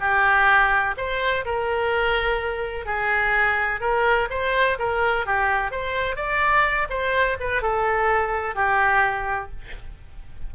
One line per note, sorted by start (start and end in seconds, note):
0.00 0.95 G4
0.97 1.45 C5
1.45 2.86 A#4
2.86 3.81 G#4
3.81 4.28 A#4
4.30 4.78 C5
4.79 5.26 A#4
5.26 5.71 G4
5.71 6.16 C5
6.16 6.88 D5
6.90 7.37 C5
7.40 7.62 B4
7.62 8.55 A4
8.55 9.50 G4